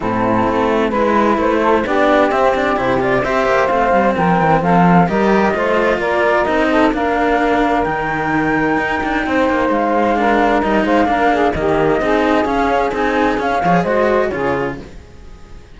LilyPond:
<<
  \new Staff \with { instrumentName = "flute" } { \time 4/4 \tempo 4 = 130 a'2 b'4 c''4 | d''4 e''8 d''8 c''8 d''8 e''4 | f''4 g''4 f''4 dis''4~ | dis''4 d''4 dis''4 f''4~ |
f''4 g''2.~ | g''4 f''2 dis''8 f''8~ | f''4 dis''2 f''4 | gis''4 f''4 dis''4 cis''4 | }
  \new Staff \with { instrumentName = "saxophone" } { \time 4/4 e'2 b'4. a'8 | g'2. c''4~ | c''4 ais'4 a'4 ais'4 | c''4 ais'4. a'8 ais'4~ |
ais'1 | c''2 ais'4. c''8 | ais'8 gis'8 g'4 gis'2~ | gis'4. cis''8 c''4 gis'4 | }
  \new Staff \with { instrumentName = "cello" } { \time 4/4 c'2 e'2 | d'4 c'8 d'8 e'8 f'8 g'4 | c'2. g'4 | f'2 dis'4 d'4~ |
d'4 dis'2.~ | dis'2 d'4 dis'4 | d'4 ais4 dis'4 cis'4 | dis'4 cis'8 gis'8 fis'4 f'4 | }
  \new Staff \with { instrumentName = "cello" } { \time 4/4 a,4 a4 gis4 a4 | b4 c'4 c4 c'8 ais8 | a8 g8 f8 e8 f4 g4 | a4 ais4 c'4 ais4~ |
ais4 dis2 dis'8 d'8 | c'8 ais8 gis2 g8 gis8 | ais4 dis4 c'4 cis'4 | c'4 cis'8 f8 gis4 cis4 | }
>>